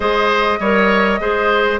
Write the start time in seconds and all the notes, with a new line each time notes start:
0.00 G#3 G#4 C5 D#5
0.59 G3 A#4 C#5
1.20 G#3 G#4 C5